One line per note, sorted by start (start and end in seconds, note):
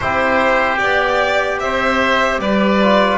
0.00 0.81 C4
0.00 0.78 E4
0.00 1.61 G4
0.00 0.78 C5
0.78 1.60 B3
0.78 2.78 G4
0.78 1.58 D5
1.59 2.38 C4
1.59 2.41 C5
1.59 2.39 E5
2.38 3.18 G3
2.38 3.18 B4
2.38 3.18 D5
2.83 3.18 F4